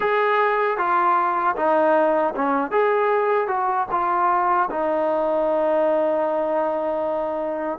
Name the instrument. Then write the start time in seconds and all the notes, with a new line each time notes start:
trombone
0.00 G#4
0.77 F4
1.56 D#4
2.35 C#4
2.71 G#4
3.47 F#4
3.91 F4
4.70 D#4